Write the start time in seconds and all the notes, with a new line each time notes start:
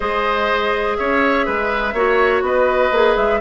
0.00 G#3 G#4 C5 D#5
0.96 C#4 C#5 E5
1.46 G#3 B4
1.93 A#3 F#4 C#5
2.41 B3 B4 D#5
2.91 A#3 G#4
3.16 G#3 E5